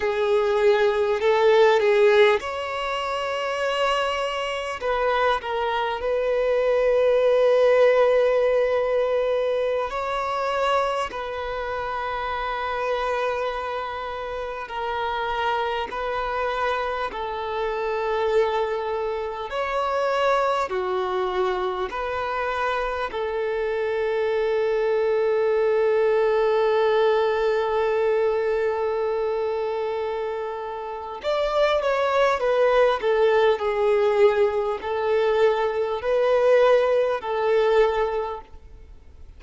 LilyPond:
\new Staff \with { instrumentName = "violin" } { \time 4/4 \tempo 4 = 50 gis'4 a'8 gis'8 cis''2 | b'8 ais'8 b'2.~ | b'16 cis''4 b'2~ b'8.~ | b'16 ais'4 b'4 a'4.~ a'16~ |
a'16 cis''4 fis'4 b'4 a'8.~ | a'1~ | a'2 d''8 cis''8 b'8 a'8 | gis'4 a'4 b'4 a'4 | }